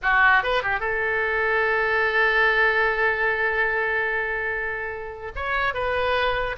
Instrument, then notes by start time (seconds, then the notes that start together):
oboe
0.02 F#4
0.43 B4
0.62 G4
0.80 A4
5.35 C#5
5.73 B4